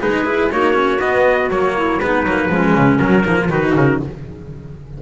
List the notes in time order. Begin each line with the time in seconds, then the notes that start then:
0.00 G#3 D#4 G#4 B4
0.26 E4
0.51 A#3 D#4 F#4 C#5
0.73 C#4
1.00 B3 D#5
1.50 F#3 A#3 C#5
1.76 E4
1.99 G#3 B3 D#4 B4
2.23 F#3 A#3
2.49 F3 G#3 C#4
2.75 C#3
2.98 F#3 A#4
3.24 F3 A#3 D#4
3.40 F4
3.50 D#3 D#4 F#4 B4
3.76 C#3 A#4